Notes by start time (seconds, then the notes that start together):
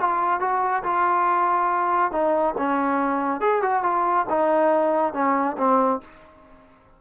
0.00 F4
0.40 F#4
0.83 F4
2.11 D#4
2.58 C#4
3.40 G#4
3.62 F#4
3.83 F4
4.29 D#4
5.13 C#4
5.58 C4